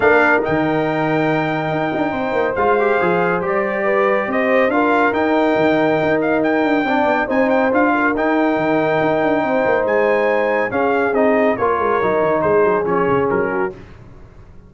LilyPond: <<
  \new Staff \with { instrumentName = "trumpet" } { \time 4/4 \tempo 4 = 140 f''4 g''2.~ | g''2 f''2 | d''2 dis''4 f''4 | g''2~ g''8 f''8 g''4~ |
g''4 gis''8 g''8 f''4 g''4~ | g''2. gis''4~ | gis''4 f''4 dis''4 cis''4~ | cis''4 c''4 cis''4 ais'4 | }
  \new Staff \with { instrumentName = "horn" } { \time 4/4 ais'1~ | ais'4 c''2.~ | c''4 b'4 c''4 ais'4~ | ais'1 |
d''4 c''4. ais'4.~ | ais'2 c''2~ | c''4 gis'2 ais'4~ | ais'4 gis'2~ gis'8 fis'8 | }
  \new Staff \with { instrumentName = "trombone" } { \time 4/4 d'4 dis'2.~ | dis'2 f'8 g'8 gis'4 | g'2. f'4 | dis'1 |
d'4 dis'4 f'4 dis'4~ | dis'1~ | dis'4 cis'4 dis'4 f'4 | dis'2 cis'2 | }
  \new Staff \with { instrumentName = "tuba" } { \time 4/4 ais4 dis2. | dis'8 d'8 c'8 ais8 gis4 f4 | g2 c'4 d'4 | dis'4 dis4 dis'4. d'8 |
c'8 b8 c'4 d'4 dis'4 | dis4 dis'8 d'8 c'8 ais8 gis4~ | gis4 cis'4 c'4 ais8 gis8 | fis8 dis8 gis8 fis8 f8 cis8 fis4 | }
>>